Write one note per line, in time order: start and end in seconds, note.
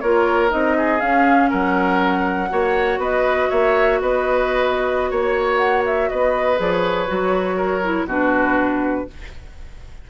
0.00 0.52 A#3
0.00 0.49 F4
0.00 0.77 A#4
0.00 0.50 C#5
0.49 1.01 C4
0.49 0.99 D#4
0.49 1.00 D#5
0.77 1.49 G#4
1.00 2.49 C#4
1.00 1.51 C#4
1.00 1.49 F5
1.49 2.51 F#3
1.49 2.49 A#4
1.49 3.01 F#5
2.49 2.98 A#3
2.49 6.57 F#4
2.49 2.99 C#5
2.98 3.47 B3
2.98 3.49 B4
2.98 3.50 D#5
3.49 4.01 A#3
3.49 3.99 C#5
3.49 4.00 E5
4.00 5.11 B3
4.00 5.10 B4
4.00 5.12 D#5
5.10 6.10 A#3
5.10 6.10 C#5
5.10 5.58 C#5
5.58 5.83 F#5
5.86 6.09 E5
6.09 6.59 B3
6.09 7.56 B4
6.09 6.59 D#5
6.57 7.09 F3
6.57 7.06 G#4
6.57 6.72 D5
6.72 8.08 C#5
7.07 8.05 F#3
7.07 7.82 F#4
7.56 8.06 A#4
7.83 8.08 E4
8.05 9.04 B2
8.05 9.08 D4
8.05 9.06 F#4
8.05 9.10 B4